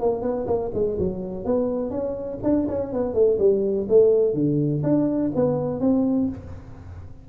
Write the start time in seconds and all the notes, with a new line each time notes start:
0.00 A#3
0.22 B3
0.46 A#3
0.73 G#3
0.98 F#3
1.44 B3
1.90 C#4
2.43 D4
2.68 C#4
2.92 B3
3.14 A3
3.38 G3
3.89 A3
4.34 D3
4.83 D4
5.35 B3
5.80 C4